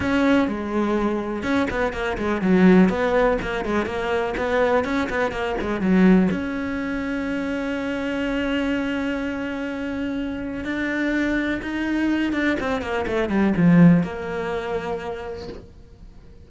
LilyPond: \new Staff \with { instrumentName = "cello" } { \time 4/4 \tempo 4 = 124 cis'4 gis2 cis'8 b8 | ais8 gis8 fis4 b4 ais8 gis8 | ais4 b4 cis'8 b8 ais8 gis8 | fis4 cis'2.~ |
cis'1~ | cis'2 d'2 | dis'4. d'8 c'8 ais8 a8 g8 | f4 ais2. | }